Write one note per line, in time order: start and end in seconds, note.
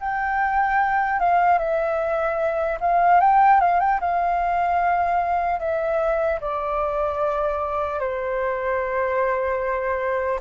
0.00 1.20 G5
1.20 1.59 F5
1.59 2.79 E5
2.80 3.20 F5
3.20 3.60 G5
3.60 3.80 F5
3.80 4.00 G5
4.00 5.60 F5
5.60 6.40 E5
6.41 7.99 D5
7.99 10.39 C5